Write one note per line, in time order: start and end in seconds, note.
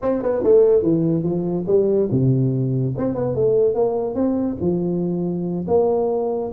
0.02 0.22 C4
0.22 0.43 B3
0.43 0.82 A3
0.82 1.23 E3
1.23 1.65 F3
1.67 2.09 G3
2.11 2.95 C3
2.97 3.14 C4
3.14 3.34 B3
3.34 3.74 A3
3.74 4.15 A#3
4.15 4.57 C4
4.61 5.65 F3
5.67 6.51 A#3